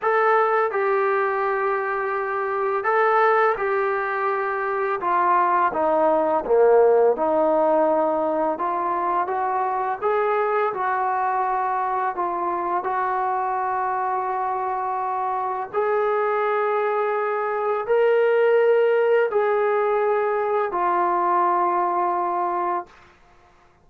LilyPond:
\new Staff \with { instrumentName = "trombone" } { \time 4/4 \tempo 4 = 84 a'4 g'2. | a'4 g'2 f'4 | dis'4 ais4 dis'2 | f'4 fis'4 gis'4 fis'4~ |
fis'4 f'4 fis'2~ | fis'2 gis'2~ | gis'4 ais'2 gis'4~ | gis'4 f'2. | }